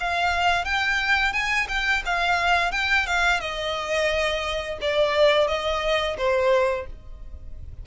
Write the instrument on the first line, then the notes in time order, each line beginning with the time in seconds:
violin
0.00 F5
0.65 G5
1.33 G#5
1.68 G5
2.06 F5
2.72 G5
3.06 F5
3.40 D#5
4.81 D5
5.48 D#5
6.18 C5